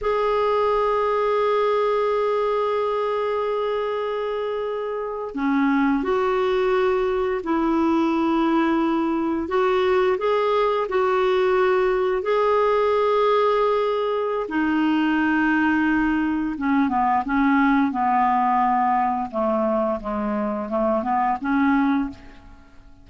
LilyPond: \new Staff \with { instrumentName = "clarinet" } { \time 4/4 \tempo 4 = 87 gis'1~ | gis'2.~ gis'8. cis'16~ | cis'8. fis'2 e'4~ e'16~ | e'4.~ e'16 fis'4 gis'4 fis'16~ |
fis'4.~ fis'16 gis'2~ gis'16~ | gis'4 dis'2. | cis'8 b8 cis'4 b2 | a4 gis4 a8 b8 cis'4 | }